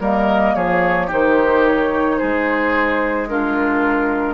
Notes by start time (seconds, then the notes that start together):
0.00 G3 A#3 A#4 D#5
0.55 F3 G#4 C#5
1.07 D#3 D#4 G4 C5
1.67 C#5
2.19 G#3 G#4 C5
3.28 D4 F4 A#4